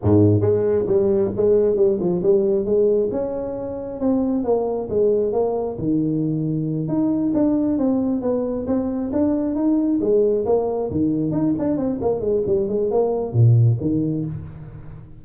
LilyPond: \new Staff \with { instrumentName = "tuba" } { \time 4/4 \tempo 4 = 135 gis,4 gis4 g4 gis4 | g8 f8 g4 gis4 cis'4~ | cis'4 c'4 ais4 gis4 | ais4 dis2~ dis8 dis'8~ |
dis'8 d'4 c'4 b4 c'8~ | c'8 d'4 dis'4 gis4 ais8~ | ais8 dis4 dis'8 d'8 c'8 ais8 gis8 | g8 gis8 ais4 ais,4 dis4 | }